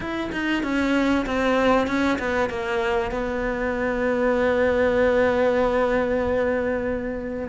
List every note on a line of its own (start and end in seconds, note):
0.00 0.30 E4
0.32 0.63 D#4
0.63 1.25 C#4
1.26 1.87 C4
1.87 2.18 C#4
2.18 2.49 B3
2.49 3.11 A#3
3.11 7.48 B3